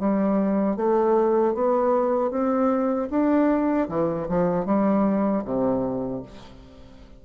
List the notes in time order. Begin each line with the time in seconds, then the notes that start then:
0.00 G3
0.77 A3
1.55 B3
2.31 C4
3.11 D4
3.89 E3
4.29 F3
4.66 G3
5.45 C3